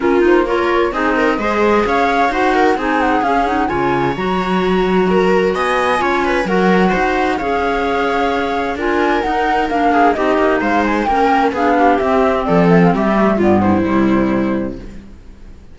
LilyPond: <<
  \new Staff \with { instrumentName = "flute" } { \time 4/4 \tempo 4 = 130 ais'8 c''8 cis''4 dis''2 | f''4 fis''4 gis''8 fis''8 f''8 fis''8 | gis''4 ais''2. | gis''2 fis''2 |
f''2. gis''4 | fis''4 f''4 dis''4 f''8 gis''8 | g''4 f''4 e''4 d''8 e''16 f''16 | e''4 d''8 c''2~ c''8 | }
  \new Staff \with { instrumentName = "viola" } { \time 4/4 f'4 ais'4 gis'8 ais'8 c''4 | cis''4 c''8 ais'8 gis'2 | cis''2. ais'4 | dis''4 cis''8 b'8 ais'4 c''4 |
cis''2. ais'4~ | ais'4. gis'8 g'4 c''4 | ais'4 gis'8 g'4. a'4 | g'4 f'8 e'2~ e'8 | }
  \new Staff \with { instrumentName = "clarinet" } { \time 4/4 cis'8 dis'8 f'4 dis'4 gis'4~ | gis'4 fis'4 dis'4 cis'8 dis'8 | f'4 fis'2.~ | fis'4 f'4 fis'2 |
gis'2. f'4 | dis'4 d'4 dis'2 | cis'4 d'4 c'2~ | c'8 a8 b4 g2 | }
  \new Staff \with { instrumentName = "cello" } { \time 4/4 ais2 c'4 gis4 | cis'4 dis'4 c'4 cis'4 | cis4 fis2. | b4 cis'4 fis4 dis'4 |
cis'2. d'4 | dis'4 ais4 c'8 ais8 gis4 | ais4 b4 c'4 f4 | g4 g,4 c2 | }
>>